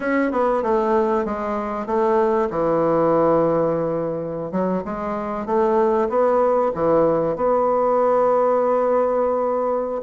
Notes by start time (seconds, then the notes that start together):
0.00 C#4
0.31 B3
0.62 A3
1.25 G#3
1.86 A3
2.50 E3
4.51 F#3
4.84 G#3
5.45 A3
6.09 B3
6.74 E3
7.36 B3